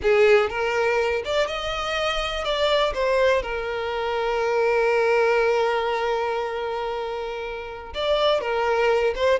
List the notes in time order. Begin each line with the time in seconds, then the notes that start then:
0.02 G#4
0.49 A#4
1.24 D5
1.47 D#5
2.44 D5
2.94 C5
3.42 A#4
7.94 D5
8.40 A#4
9.15 C5